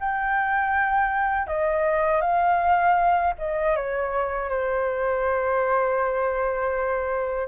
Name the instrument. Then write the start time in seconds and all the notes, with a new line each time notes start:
flute
0.00 G5
1.48 D#5
2.22 F5
3.39 D#5
3.76 C#5
4.49 C5